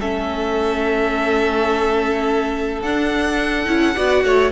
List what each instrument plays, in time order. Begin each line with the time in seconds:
0.00 cello A3, viola C#4, violin A4 E5
2.81 cello D4, viola D4, violin F#5
3.65 cello C#4, viola E4
3.96 cello B3, viola F#4, violin D5
4.24 cello A3, violin C#5